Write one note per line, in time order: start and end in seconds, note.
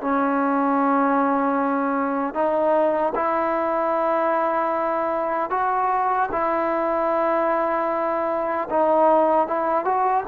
0.00 2.34 C#4
2.34 3.13 D#4
3.15 5.50 E4
5.50 6.29 F#4
6.32 8.68 E4
8.69 9.47 D#4
9.47 9.84 E4
9.84 10.23 F#4